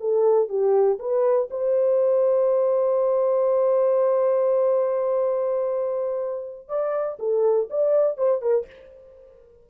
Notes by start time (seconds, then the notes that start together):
0.00 A4
0.49 G4
0.99 B4
1.51 C5
6.68 D5
7.19 A4
7.70 D5
8.17 C5
8.41 A#4